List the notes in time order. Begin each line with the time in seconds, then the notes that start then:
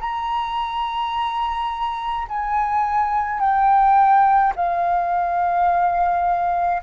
0.00 A#5
2.28 G#5
3.40 G5
4.56 F5